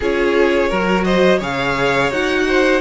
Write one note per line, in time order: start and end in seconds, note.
0.00 0.71 C#4
0.00 0.71 F4
0.00 0.69 G#4
0.00 1.04 C#5
0.69 1.40 F#3
0.69 1.41 F#4
0.69 1.04 A#4
1.04 1.38 C5
1.04 1.39 D#5
1.38 2.11 C#3
1.38 2.11 G#4
1.38 2.44 C#5
1.38 2.11 F5
2.11 2.81 D#4
2.11 2.81 F#4
2.11 2.81 F#5
2.47 2.81 C5